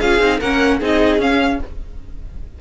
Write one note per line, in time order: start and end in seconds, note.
0.00 0.21 C#4
0.00 0.21 F4
0.00 0.40 G#4
0.00 0.40 F5
0.21 0.41 C4
0.21 0.41 D#4
0.40 0.81 A#3
0.40 0.81 C#4
0.40 0.79 A#4
0.40 0.81 F#5
0.79 1.19 C4
0.79 1.20 D#4
0.79 1.59 G#4
0.85 1.21 D#5
1.19 1.59 C#4
1.19 1.60 C#4
1.19 1.61 F5